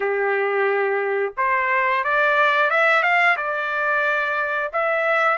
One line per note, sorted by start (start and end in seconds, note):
0.00 1.33 G4
1.37 2.04 C5
2.04 2.70 D5
2.70 3.02 E5
3.02 3.36 F5
3.36 4.71 D5
4.73 5.37 E5